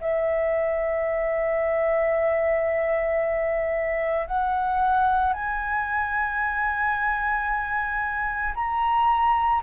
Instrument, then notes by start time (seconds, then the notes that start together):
flute
0.00 E5
4.27 F#5
5.33 G#5
8.55 A#5